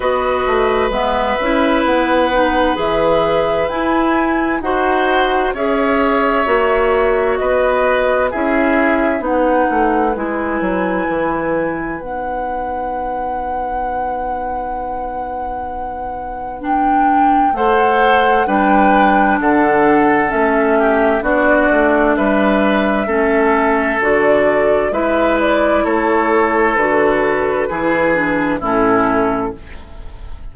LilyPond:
<<
  \new Staff \with { instrumentName = "flute" } { \time 4/4 \tempo 4 = 65 dis''4 e''4 fis''4 e''4 | gis''4 fis''4 e''2 | dis''4 e''4 fis''4 gis''4~ | gis''4 fis''2.~ |
fis''2 g''4 fis''4 | g''4 fis''4 e''4 d''4 | e''2 d''4 e''8 d''8 | cis''4 b'2 a'4 | }
  \new Staff \with { instrumentName = "oboe" } { \time 4/4 b'1~ | b'4 c''4 cis''2 | b'4 gis'4 b'2~ | b'1~ |
b'2. c''4 | b'4 a'4. g'8 fis'4 | b'4 a'2 b'4 | a'2 gis'4 e'4 | }
  \new Staff \with { instrumentName = "clarinet" } { \time 4/4 fis'4 b8 e'4 dis'8 gis'4 | e'4 fis'4 gis'4 fis'4~ | fis'4 e'4 dis'4 e'4~ | e'4 dis'2.~ |
dis'2 d'4 a'4 | d'2 cis'4 d'4~ | d'4 cis'4 fis'4 e'4~ | e'4 fis'4 e'8 d'8 cis'4 | }
  \new Staff \with { instrumentName = "bassoon" } { \time 4/4 b8 a8 gis8 cis'8 b4 e4 | e'4 dis'4 cis'4 ais4 | b4 cis'4 b8 a8 gis8 fis8 | e4 b2.~ |
b2. a4 | g4 d4 a4 b8 a8 | g4 a4 d4 gis4 | a4 d4 e4 a,4 | }
>>